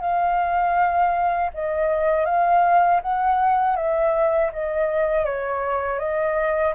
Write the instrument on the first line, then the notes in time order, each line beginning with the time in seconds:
flute
0.00 F5
1.53 D#5
2.25 F5
3.01 F#5
3.76 E5
4.52 D#5
5.25 C#5
5.98 D#5